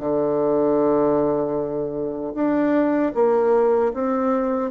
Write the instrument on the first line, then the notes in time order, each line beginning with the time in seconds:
bassoon
0.00 D3
2.35 D4
3.15 A#3
3.94 C4